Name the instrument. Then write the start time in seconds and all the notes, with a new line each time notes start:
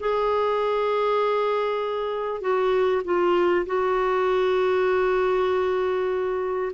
clarinet
0.00 G#4
2.41 F#4
3.05 F4
3.66 F#4